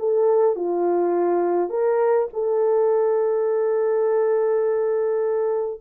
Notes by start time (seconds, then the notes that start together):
0.00 A4
0.56 F4
1.70 A#4
2.34 A4